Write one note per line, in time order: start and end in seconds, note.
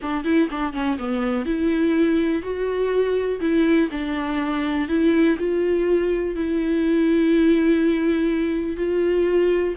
0.02 0.24 D4
0.24 0.49 E4
0.50 0.73 D4
0.73 0.97 C#4
0.98 1.45 B3
1.45 2.42 E4
2.42 3.39 F#4
3.40 3.89 E4
3.91 4.88 D4
4.88 5.37 E4
5.38 6.35 F4
6.35 8.76 E4
8.76 9.74 F4